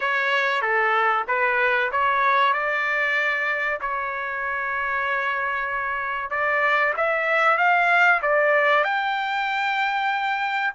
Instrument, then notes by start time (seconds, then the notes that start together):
trumpet
0.00 C#5
0.61 A4
1.27 B4
1.91 C#5
2.53 D5
3.80 C#5
6.30 D5
6.96 E5
7.57 F5
8.21 D5
8.83 G5